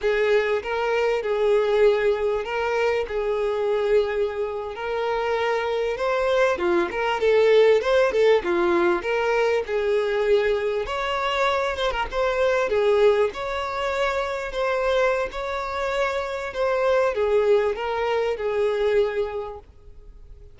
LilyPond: \new Staff \with { instrumentName = "violin" } { \time 4/4 \tempo 4 = 98 gis'4 ais'4 gis'2 | ais'4 gis'2~ gis'8. ais'16~ | ais'4.~ ais'16 c''4 f'8 ais'8 a'16~ | a'8. c''8 a'8 f'4 ais'4 gis'16~ |
gis'4.~ gis'16 cis''4. c''16 ais'16 c''16~ | c''8. gis'4 cis''2 c''16~ | c''4 cis''2 c''4 | gis'4 ais'4 gis'2 | }